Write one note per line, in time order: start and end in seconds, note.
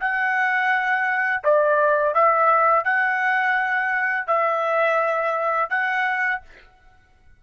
0.00 1.43 F#5
1.44 2.14 D5
2.14 2.84 E5
2.84 4.27 F#5
4.27 5.69 E5
5.69 6.41 F#5